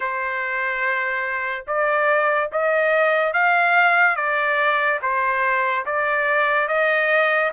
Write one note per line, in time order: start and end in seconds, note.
0.00 1.65 C5
1.67 2.50 D5
2.52 3.33 D#5
3.33 4.16 F5
4.16 4.99 D5
5.02 5.85 C5
5.85 6.67 D5
6.67 7.51 D#5